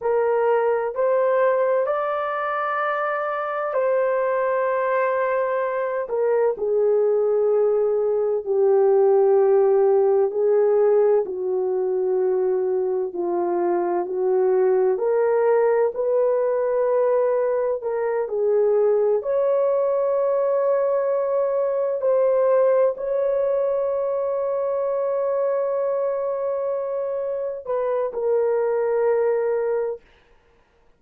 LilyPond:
\new Staff \with { instrumentName = "horn" } { \time 4/4 \tempo 4 = 64 ais'4 c''4 d''2 | c''2~ c''8 ais'8 gis'4~ | gis'4 g'2 gis'4 | fis'2 f'4 fis'4 |
ais'4 b'2 ais'8 gis'8~ | gis'8 cis''2. c''8~ | c''8 cis''2.~ cis''8~ | cis''4. b'8 ais'2 | }